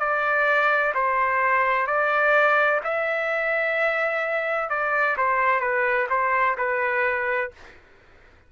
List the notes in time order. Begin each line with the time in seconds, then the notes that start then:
0.00 D5
0.95 C5
1.87 D5
2.85 E5
4.70 D5
5.17 C5
5.61 B4
6.10 C5
6.58 B4